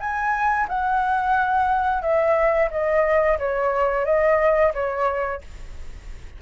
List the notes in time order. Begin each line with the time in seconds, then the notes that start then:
0.00 G#5
0.68 F#5
2.02 E5
2.71 D#5
3.39 C#5
4.05 D#5
4.74 C#5